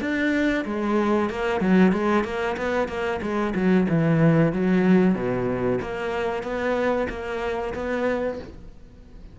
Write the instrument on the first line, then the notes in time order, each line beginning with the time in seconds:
cello
0.00 D4
0.65 G#3
1.30 A#3
1.60 F#3
1.92 G#3
2.24 A#3
2.57 B3
2.88 A#3
3.22 G#3
3.55 F#3
3.89 E3
4.52 F#3
5.15 B2
5.81 A#3
6.43 B3
7.09 A#3
7.74 B3